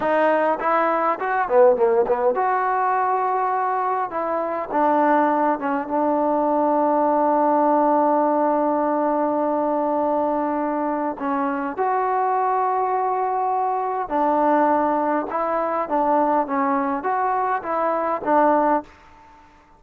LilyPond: \new Staff \with { instrumentName = "trombone" } { \time 4/4 \tempo 4 = 102 dis'4 e'4 fis'8 b8 ais8 b8 | fis'2. e'4 | d'4. cis'8 d'2~ | d'1~ |
d'2. cis'4 | fis'1 | d'2 e'4 d'4 | cis'4 fis'4 e'4 d'4 | }